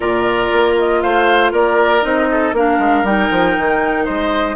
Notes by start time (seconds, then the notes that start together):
0.00 A#2 F4 A#4 D5
0.52 A#3
0.78 D#5
1.01 A3 C5 F5
1.51 A#3 A#4 D5
2.02 C4 D#4 D#5
2.31 A4
2.52 A#3 D4 A#4 F5
2.78 G#3
3.03 G3 D#4 G5
3.30 F3
3.57 D#3
4.04 G#3 C5 D#5